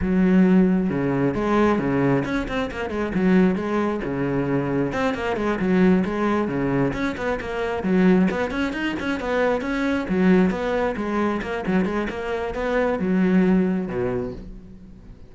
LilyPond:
\new Staff \with { instrumentName = "cello" } { \time 4/4 \tempo 4 = 134 fis2 cis4 gis4 | cis4 cis'8 c'8 ais8 gis8 fis4 | gis4 cis2 c'8 ais8 | gis8 fis4 gis4 cis4 cis'8 |
b8 ais4 fis4 b8 cis'8 dis'8 | cis'8 b4 cis'4 fis4 b8~ | b8 gis4 ais8 fis8 gis8 ais4 | b4 fis2 b,4 | }